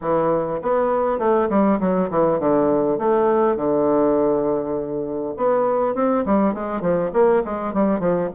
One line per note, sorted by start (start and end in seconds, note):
0.01 0.60 E3
0.62 1.18 B3
1.18 1.48 A3
1.49 1.79 G3
1.80 2.09 F#3
2.10 2.39 E3
2.39 2.98 D3
2.98 3.56 A3
3.56 5.34 D3
5.36 5.94 B3
5.94 6.24 C4
6.25 6.53 G3
6.53 6.81 G#3
6.81 7.10 F3
7.13 7.43 A#3
7.44 7.73 G#3
7.73 7.99 G3
7.99 8.29 F3